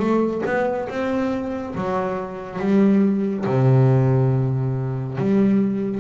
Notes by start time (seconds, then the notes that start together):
0.00 A3
0.46 B3
0.89 C4
1.75 F#3
2.59 G3
3.47 C3
5.18 G3